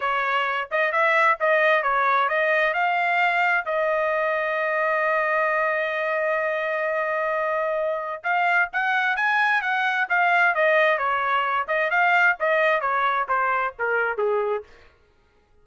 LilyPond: \new Staff \with { instrumentName = "trumpet" } { \time 4/4 \tempo 4 = 131 cis''4. dis''8 e''4 dis''4 | cis''4 dis''4 f''2 | dis''1~ | dis''1~ |
dis''2 f''4 fis''4 | gis''4 fis''4 f''4 dis''4 | cis''4. dis''8 f''4 dis''4 | cis''4 c''4 ais'4 gis'4 | }